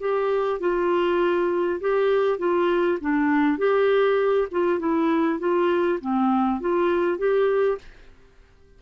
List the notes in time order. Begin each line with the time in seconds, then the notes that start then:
0.00 G4
0.60 F4
1.80 G4
2.38 F4
3.01 D4
3.58 G4
4.51 F4
4.79 E4
5.39 F4
6.01 C4
6.60 F4
7.18 G4